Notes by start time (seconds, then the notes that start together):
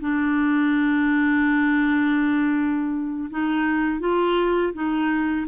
0.00 D4
3.30 D#4
4.00 F4
4.73 D#4